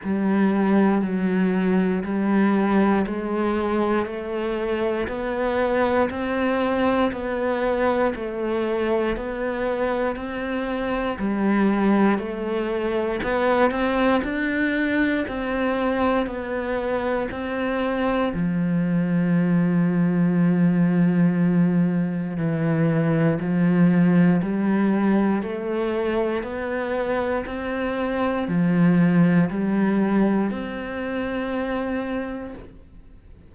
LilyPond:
\new Staff \with { instrumentName = "cello" } { \time 4/4 \tempo 4 = 59 g4 fis4 g4 gis4 | a4 b4 c'4 b4 | a4 b4 c'4 g4 | a4 b8 c'8 d'4 c'4 |
b4 c'4 f2~ | f2 e4 f4 | g4 a4 b4 c'4 | f4 g4 c'2 | }